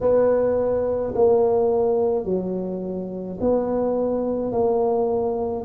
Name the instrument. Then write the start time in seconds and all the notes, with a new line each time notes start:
tuba
0.00 B3
1.15 A#3
2.24 F#3
3.40 B3
4.52 A#3